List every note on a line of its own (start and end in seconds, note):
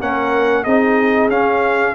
0.00 0.66 A#3
0.00 0.65 C#4
0.00 0.63 A#4
0.00 0.64 F#5
0.63 1.28 C4
0.63 1.31 D#4
0.63 1.94 G#4
0.63 1.29 D#5
1.28 1.94 C#4
1.28 1.95 C#4
1.28 1.95 F5